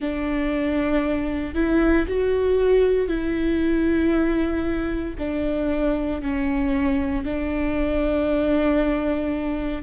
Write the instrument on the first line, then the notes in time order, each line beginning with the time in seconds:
viola
0.00 D4
1.54 E4
2.07 F#4
3.08 E4
5.18 D4
6.21 C#4
7.25 D4